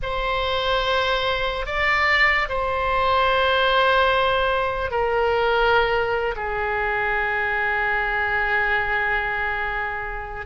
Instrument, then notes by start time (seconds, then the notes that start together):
oboe
0.02 C5
1.66 D5
2.48 C5
4.91 A#4
6.35 G#4